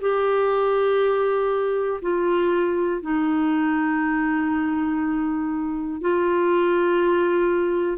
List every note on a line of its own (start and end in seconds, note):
0.00 2.00 G4
2.02 3.02 F4
3.02 6.00 D#4
6.00 7.97 F4